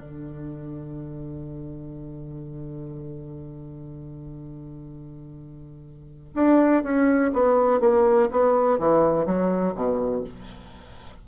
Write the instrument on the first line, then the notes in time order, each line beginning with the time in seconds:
bassoon
0.00 D3
6.35 D4
6.84 C#4
7.33 B3
7.81 A#3
8.31 B3
8.79 E3
9.26 F#3
9.76 B2